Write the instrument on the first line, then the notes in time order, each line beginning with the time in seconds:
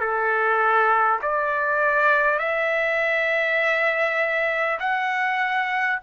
trumpet
0.00 A4
1.22 D5
2.38 E5
4.79 F#5